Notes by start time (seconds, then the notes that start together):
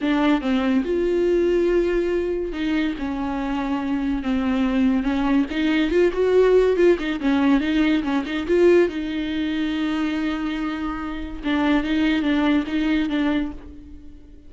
0.01 D4
0.41 C4
0.84 F4
2.52 D#4
2.98 C#4
4.22 C4
5.03 C#4
5.50 D#4
5.90 F4
6.13 F#4
6.76 F4
6.98 D#4
7.20 C#4
7.60 D#4
8.03 C#4
8.25 D#4
8.47 F4
8.88 D#4
11.44 D4
11.83 D#4
12.22 D4
12.66 D#4
13.09 D4